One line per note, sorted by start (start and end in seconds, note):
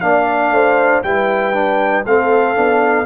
0.00 0.50 A#3
0.00 1.03 D4
0.00 0.54 D5
0.00 1.02 F5
0.50 1.01 A3
0.50 1.04 C5
1.03 2.04 G3
1.03 1.53 E4
1.03 2.07 B4
1.03 2.04 G5
1.53 2.04 D4
2.05 2.56 A3
2.05 2.55 C4
2.05 3.05 A4
2.05 3.05 F5
2.55 3.05 B3
2.55 3.05 D4